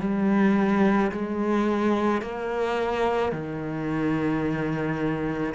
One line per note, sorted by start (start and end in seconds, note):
0.00 1.11 G3
1.12 2.22 G#3
2.22 3.32 A#3
3.32 5.54 D#3